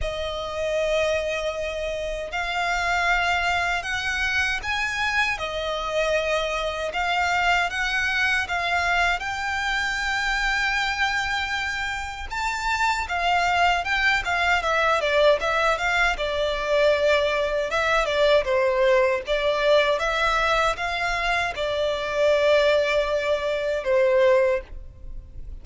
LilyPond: \new Staff \with { instrumentName = "violin" } { \time 4/4 \tempo 4 = 78 dis''2. f''4~ | f''4 fis''4 gis''4 dis''4~ | dis''4 f''4 fis''4 f''4 | g''1 |
a''4 f''4 g''8 f''8 e''8 d''8 | e''8 f''8 d''2 e''8 d''8 | c''4 d''4 e''4 f''4 | d''2. c''4 | }